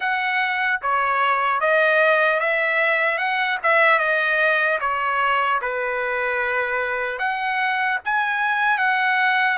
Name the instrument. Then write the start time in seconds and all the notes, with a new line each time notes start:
trumpet
0.00 F#5
0.82 C#5
1.60 D#5
2.40 E5
3.17 F#5
3.63 E5
3.98 D#5
4.80 C#5
5.61 B4
7.19 F#5
8.04 G#5
8.77 F#5